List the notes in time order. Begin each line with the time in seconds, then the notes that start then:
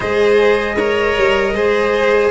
0.00 G#3 G#4 C5 D#5
0.75 A#4 C#5
1.17 G3
1.53 G#3 G#4 C5